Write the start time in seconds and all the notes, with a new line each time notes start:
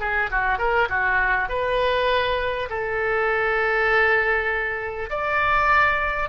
0.00 G#4
0.31 F#4
0.58 A#4
0.89 F#4
1.49 B4
2.69 A4
5.10 D5